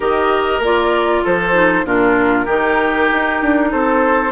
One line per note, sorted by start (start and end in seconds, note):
0.00 0.59 D#3
0.00 0.62 G4
0.00 1.23 A#4
0.00 0.62 D#5
0.59 1.21 A#3
0.59 1.53 F4
0.59 1.25 D5
1.23 1.84 F3
1.23 1.85 A4
1.23 1.86 C5
1.53 1.84 D#4
1.84 2.46 A#2
1.84 2.47 D4
1.84 2.45 F4
1.84 3.71 A#4
2.45 3.09 D#3
2.45 4.31 D#4
2.45 3.69 G4
3.12 3.42 D#4
3.42 3.73 D4
3.71 4.31 C4
3.71 4.31 A4
3.71 4.31 C5